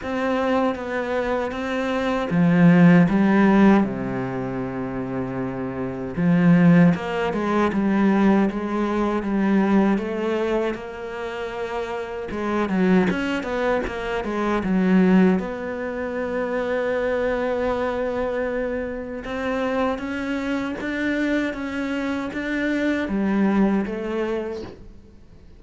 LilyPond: \new Staff \with { instrumentName = "cello" } { \time 4/4 \tempo 4 = 78 c'4 b4 c'4 f4 | g4 c2. | f4 ais8 gis8 g4 gis4 | g4 a4 ais2 |
gis8 fis8 cis'8 b8 ais8 gis8 fis4 | b1~ | b4 c'4 cis'4 d'4 | cis'4 d'4 g4 a4 | }